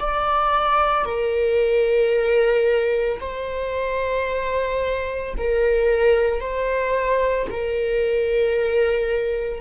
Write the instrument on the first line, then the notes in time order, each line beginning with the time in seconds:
viola
0.00 D5
1.05 A#4
3.20 C5
5.38 A#4
6.40 C5
7.50 A#4